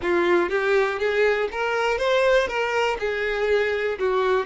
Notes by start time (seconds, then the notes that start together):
0.02 F4
0.49 G4
0.99 G#4
1.51 A#4
1.97 C5
2.47 A#4
2.99 G#4
3.98 F#4